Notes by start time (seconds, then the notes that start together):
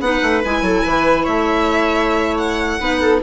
0.00 B3 D#4 B4 F#5
0.22 A3
0.45 G#3 E4 G#5
0.62 F#3 A4
0.83 E3 B4
1.24 A3 C#5 E5
2.37 F#5
2.80 B3 D#4 B4
3.01 A4